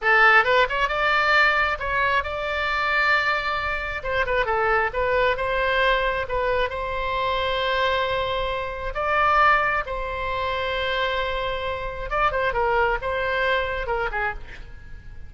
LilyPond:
\new Staff \with { instrumentName = "oboe" } { \time 4/4 \tempo 4 = 134 a'4 b'8 cis''8 d''2 | cis''4 d''2.~ | d''4 c''8 b'8 a'4 b'4 | c''2 b'4 c''4~ |
c''1 | d''2 c''2~ | c''2. d''8 c''8 | ais'4 c''2 ais'8 gis'8 | }